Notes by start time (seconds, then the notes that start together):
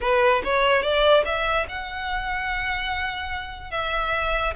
0.01 B4
0.44 C#5
0.82 D5
1.25 E5
1.69 F#5
3.70 E5